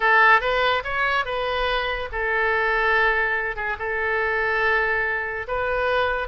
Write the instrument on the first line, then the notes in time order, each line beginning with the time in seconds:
oboe
0.00 A4
0.40 B4
0.84 C#5
1.25 B4
2.12 A4
3.55 G#4
3.78 A4
5.47 B4